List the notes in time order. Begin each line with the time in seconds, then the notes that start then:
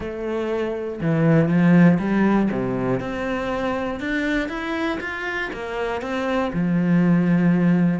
0.00 A3
1.01 E3
1.48 F3
1.99 G3
2.51 C3
3.00 C4
4.00 D4
4.48 E4
5.00 F4
5.52 A#3
6.01 C4
6.52 F3